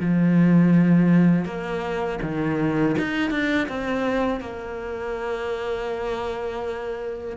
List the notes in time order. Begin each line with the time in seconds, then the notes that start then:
0.00 F3
1.45 A#3
2.22 D#3
2.98 D#4
3.30 D4
3.68 C4
4.40 A#3